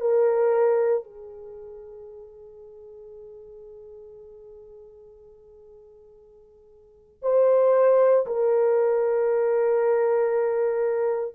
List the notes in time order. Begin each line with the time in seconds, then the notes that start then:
0.00 A#4
1.03 G#4
7.22 C5
8.26 A#4